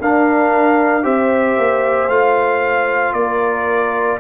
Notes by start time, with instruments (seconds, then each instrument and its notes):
0.00 tuba D4, trombone D4, horn A#4, trumpet F5
1.03 tuba C4, trombone G4, horn C5, trumpet E5
1.58 tuba A#3
2.08 tuba A3, trombone F4, trumpet F5
3.13 tuba A#3, horn A#4, trumpet D5